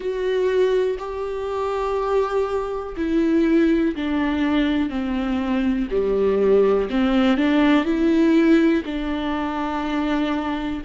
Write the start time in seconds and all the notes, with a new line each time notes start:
0.00 F#4
0.98 G4
2.96 E4
3.95 D4
4.89 C4
5.90 G3
6.90 C4
7.37 D4
7.84 E4
8.85 D4